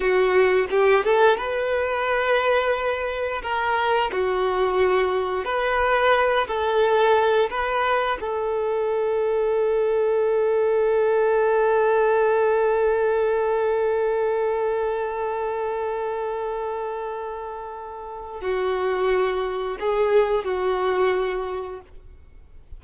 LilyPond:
\new Staff \with { instrumentName = "violin" } { \time 4/4 \tempo 4 = 88 fis'4 g'8 a'8 b'2~ | b'4 ais'4 fis'2 | b'4. a'4. b'4 | a'1~ |
a'1~ | a'1~ | a'2. fis'4~ | fis'4 gis'4 fis'2 | }